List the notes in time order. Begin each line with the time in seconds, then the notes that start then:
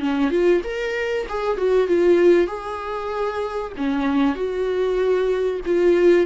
0.00 C#4
0.30 F4
0.64 A#4
1.29 G#4
1.57 F#4
1.88 F4
2.47 G#4
3.77 C#4
4.36 F#4
5.66 F4